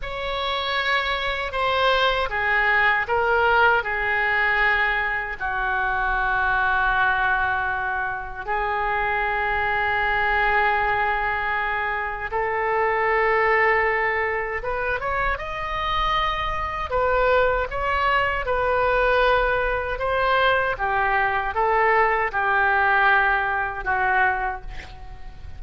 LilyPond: \new Staff \with { instrumentName = "oboe" } { \time 4/4 \tempo 4 = 78 cis''2 c''4 gis'4 | ais'4 gis'2 fis'4~ | fis'2. gis'4~ | gis'1 |
a'2. b'8 cis''8 | dis''2 b'4 cis''4 | b'2 c''4 g'4 | a'4 g'2 fis'4 | }